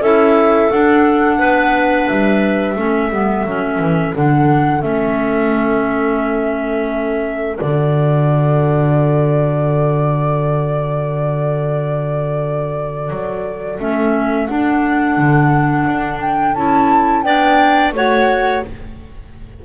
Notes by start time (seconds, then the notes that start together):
0.00 C#4 E4 A4 E5
0.72 D4 F#5
1.39 B3 B4
2.08 G3 E5
2.76 A3 C#4 A4
3.10 G3 B3
3.46 F#3 C#4
3.79 E3
4.16 D3 D4 F#5
4.82 A3 C#4 E5
7.58 D3 F#4 D5
13.11 F#3
13.80 A3 C#4 E5
14.47 D4 F#5
15.18 D3
15.87 D4
16.21 G5
16.55 C#4 E4 A5
17.23 B3 D4 D5 G5
17.93 A3 F#4 C#5 F#5